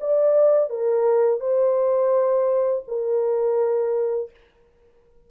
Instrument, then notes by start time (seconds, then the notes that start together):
horn
0.00 D5
0.69 A#4
1.40 C5
2.87 A#4